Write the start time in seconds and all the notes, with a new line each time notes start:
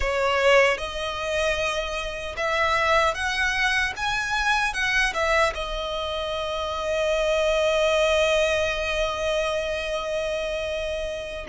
0.00 C#5
0.77 D#5
2.36 E5
3.14 F#5
3.96 G#5
4.73 F#5
5.13 E5
5.54 D#5